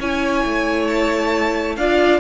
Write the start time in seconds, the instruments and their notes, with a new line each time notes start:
0.00 cello C#4, viola E4, violin C#5 G#5
0.45 cello A3
0.87 violin A5
1.76 cello D4, viola F4, violin D5 F5